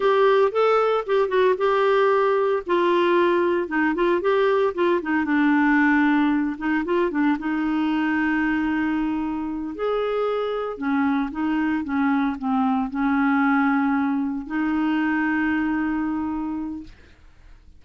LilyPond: \new Staff \with { instrumentName = "clarinet" } { \time 4/4 \tempo 4 = 114 g'4 a'4 g'8 fis'8 g'4~ | g'4 f'2 dis'8 f'8 | g'4 f'8 dis'8 d'2~ | d'8 dis'8 f'8 d'8 dis'2~ |
dis'2~ dis'8 gis'4.~ | gis'8 cis'4 dis'4 cis'4 c'8~ | c'8 cis'2. dis'8~ | dis'1 | }